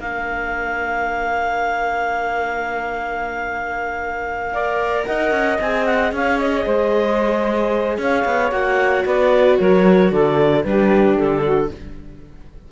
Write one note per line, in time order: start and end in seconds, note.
0.00 5.04 A#3
0.00 4.54 D4
0.00 4.53 A#4
0.00 5.05 F5
4.53 5.60 A#4
4.53 5.06 D5
5.05 5.31 D#4
5.05 6.13 D#5
5.05 5.59 F#5
5.31 5.58 C#4
5.61 6.12 C4
5.61 8.51 G#4
5.61 5.86 G#5
5.86 6.12 F#5
6.12 6.65 C#4
6.12 6.65 C#5
6.12 6.38 F5
6.38 7.98 D#5
6.65 7.98 G#3
6.65 7.98 C5
7.98 8.24 C#4
7.98 9.05 C#5
7.98 8.51 F5
8.25 8.51 B3
8.51 9.04 A#3
8.51 10.64 F#4
8.51 9.05 F#5
9.05 9.59 B3
9.05 9.58 B4
9.05 9.59 D5
9.59 10.12 F#3
9.59 10.12 A#4
9.59 10.12 C#5
10.12 10.64 D3
10.12 10.65 A4
10.12 10.64 D5
10.64 11.17 G3
10.64 11.71 D4
10.64 11.43 G4
10.64 11.17 B4
11.17 11.70 D3
11.17 11.71 A4
11.43 11.69 F#4